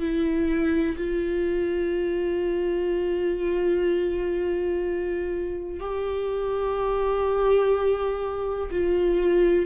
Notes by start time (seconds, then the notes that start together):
0.00 E4
0.98 F4
5.80 G4
8.71 F4